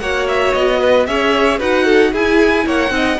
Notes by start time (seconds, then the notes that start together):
0.00 A#3 F#4 C#5 F#5
0.28 E5
0.54 B3 D#5
0.80 B4
1.06 C#4 G#4 C#5 E5
1.59 D#4 F#4 B4 F#5
1.85 A4
2.12 E4 G#4 G#5
2.66 A#3 C#5 F#5
2.89 C4 D#4 D#5